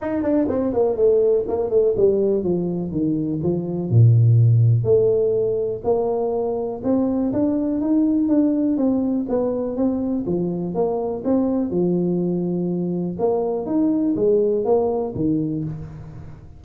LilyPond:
\new Staff \with { instrumentName = "tuba" } { \time 4/4 \tempo 4 = 123 dis'8 d'8 c'8 ais8 a4 ais8 a8 | g4 f4 dis4 f4 | ais,2 a2 | ais2 c'4 d'4 |
dis'4 d'4 c'4 b4 | c'4 f4 ais4 c'4 | f2. ais4 | dis'4 gis4 ais4 dis4 | }